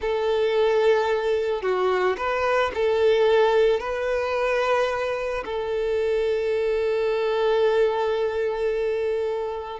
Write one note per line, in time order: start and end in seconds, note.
0.01 1.62 A4
1.62 2.16 F#4
2.17 2.71 B4
2.74 3.80 A4
3.80 5.43 B4
5.45 9.80 A4